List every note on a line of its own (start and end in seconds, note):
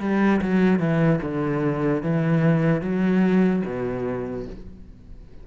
0.00 0.41 G3
0.41 0.79 F#3
0.79 1.20 E3
1.22 2.02 D3
2.02 2.82 E3
2.82 3.63 F#3
3.65 4.46 B2